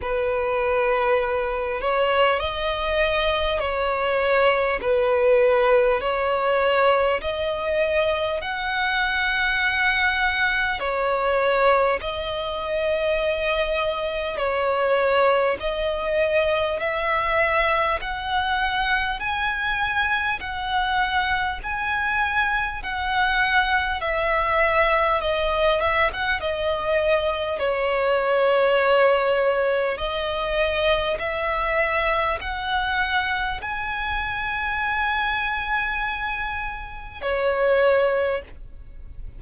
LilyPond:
\new Staff \with { instrumentName = "violin" } { \time 4/4 \tempo 4 = 50 b'4. cis''8 dis''4 cis''4 | b'4 cis''4 dis''4 fis''4~ | fis''4 cis''4 dis''2 | cis''4 dis''4 e''4 fis''4 |
gis''4 fis''4 gis''4 fis''4 | e''4 dis''8 e''16 fis''16 dis''4 cis''4~ | cis''4 dis''4 e''4 fis''4 | gis''2. cis''4 | }